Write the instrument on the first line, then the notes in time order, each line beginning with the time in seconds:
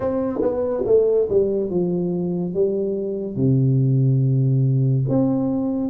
tuba
0.00 C4
0.41 B3
0.85 A3
1.29 G3
1.69 F3
2.54 G3
3.36 C3
5.08 C4